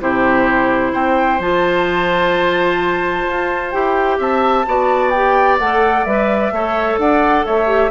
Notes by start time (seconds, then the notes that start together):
0.00 C3 E4 G4 C5
0.92 C4 C5 G5
1.39 F3 F4 A5
3.28 F4
3.71 E4 G4 G5
4.19 C4 E5 A5
4.67 B3 F#4 D5
5.10 G4 G5
5.59 A3 A4 F#5
6.04 G3 B4 E5
6.51 A3 A4 C#5
6.98 D4 D5 F#5
7.45 A3 C#5 E5
7.66 G4